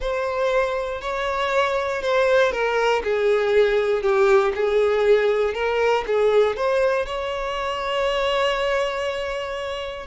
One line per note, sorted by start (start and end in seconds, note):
0.00 1.01 C5
1.01 2.01 C#5
2.01 2.51 C5
2.51 3.02 A#4
3.03 4.02 G#4
4.02 4.52 G4
4.55 5.53 G#4
5.53 6.04 A#4
6.06 6.56 G#4
6.56 7.05 C5
7.05 10.06 C#5